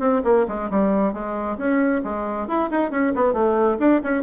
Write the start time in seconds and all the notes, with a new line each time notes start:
0.00 C4
0.25 A#3
0.48 G#3
0.71 G3
1.14 G#3
1.58 C#4
2.05 G#3
2.48 E4
2.71 D#4
2.91 C#4
3.16 B3
3.34 A3
3.80 D4
4.04 C#4